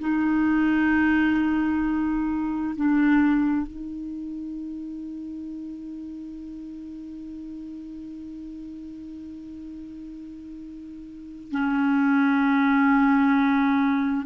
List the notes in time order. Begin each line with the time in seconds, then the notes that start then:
0.00 D#4
2.76 D4
3.67 D#4
11.51 C#4